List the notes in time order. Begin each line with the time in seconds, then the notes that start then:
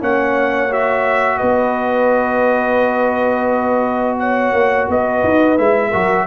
0.00 A#3 C#4 C#5 F#5
0.71 F#4 E5
1.37 B3 B4 D#5
4.19 C#5 F#5
4.52 A#3
4.88 B3 B4 D#5
5.24 D#4
5.58 G#3 E4 E5
5.89 F#3 F#4 A#4